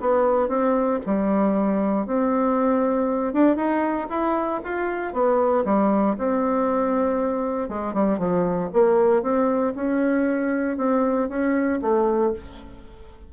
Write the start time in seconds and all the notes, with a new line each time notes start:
0.00 B3
0.48 C4
1.06 G3
2.06 C4
3.33 D4
3.56 D#4
4.09 E4
4.64 F4
5.13 B3
5.65 G3
6.18 C4
7.69 G#3
7.93 G3
8.18 F3
8.73 A#3
9.22 C4
9.75 C#4
10.77 C4
11.28 C#4
11.81 A3